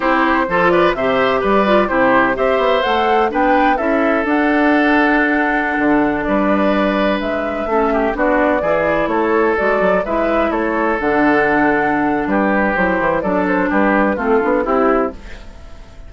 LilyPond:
<<
  \new Staff \with { instrumentName = "flute" } { \time 4/4 \tempo 4 = 127 c''4. d''8 e''4 d''4 | c''4 e''4 fis''4 g''4 | e''4 fis''2.~ | fis''4~ fis''16 d''2 e''8.~ |
e''4~ e''16 d''2 cis''8.~ | cis''16 d''4 e''4 cis''4 fis''8.~ | fis''2 b'4 c''4 | d''8 c''8 b'4 a'4 g'4 | }
  \new Staff \with { instrumentName = "oboe" } { \time 4/4 g'4 a'8 b'8 c''4 b'4 | g'4 c''2 b'4 | a'1~ | a'4~ a'16 b'2~ b'8.~ |
b'16 a'8 g'8 fis'4 gis'4 a'8.~ | a'4~ a'16 b'4 a'4.~ a'16~ | a'2 g'2 | a'4 g'4 f'4 e'4 | }
  \new Staff \with { instrumentName = "clarinet" } { \time 4/4 e'4 f'4 g'4. f'8 | e'4 g'4 a'4 d'4 | e'4 d'2.~ | d'1~ |
d'16 cis'4 d'4 e'4.~ e'16~ | e'16 fis'4 e'2 d'8.~ | d'2. e'4 | d'2 c'8 d'8 e'4 | }
  \new Staff \with { instrumentName = "bassoon" } { \time 4/4 c'4 f4 c4 g4 | c4 c'8 b8 a4 b4 | cis'4 d'2.~ | d'16 d4 g2 gis8.~ |
gis16 a4 b4 e4 a8.~ | a16 gis8 fis8 gis4 a4 d8.~ | d2 g4 fis8 e8 | fis4 g4 a8 b8 c'4 | }
>>